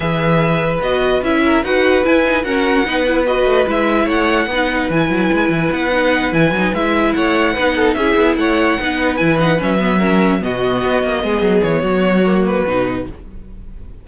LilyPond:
<<
  \new Staff \with { instrumentName = "violin" } { \time 4/4 \tempo 4 = 147 e''2 dis''4 e''4 | fis''4 gis''4 fis''2 | dis''4 e''4 fis''2 | gis''2 fis''4. gis''8~ |
gis''8 e''4 fis''2 e''8~ | e''8 fis''2 gis''8 fis''8 e''8~ | e''4. dis''2~ dis''8~ | dis''8 cis''2 b'4. | }
  \new Staff \with { instrumentName = "violin" } { \time 4/4 b'2.~ b'8 ais'8 | b'2 ais'4 b'4~ | b'2 cis''4 b'4~ | b'1~ |
b'4. cis''4 b'8 a'8 gis'8~ | gis'8 cis''4 b'2~ b'8~ | b'8 ais'4 fis'2 gis'8~ | gis'4 fis'2. | }
  \new Staff \with { instrumentName = "viola" } { \time 4/4 gis'2 fis'4 e'4 | fis'4 e'8 dis'8 cis'4 dis'8 e'8 | fis'4 e'2 dis'4 | e'2~ e'8 dis'4 e'8 |
dis'8 e'2 dis'4 e'8~ | e'4. dis'4 e'8 dis'8 cis'8 | b8 cis'4 b2~ b8~ | b2 ais4 dis'4 | }
  \new Staff \with { instrumentName = "cello" } { \time 4/4 e2 b4 cis'4 | dis'4 e'4 fis'4 b4~ | b8 a8 gis4 a4 b4 | e8 fis8 gis8 e8 b4. e8 |
fis8 gis4 a4 b4 cis'8 | b8 a4 b4 e4 fis8~ | fis4. b,4 b8 ais8 gis8 | fis8 e8 fis2 b,4 | }
>>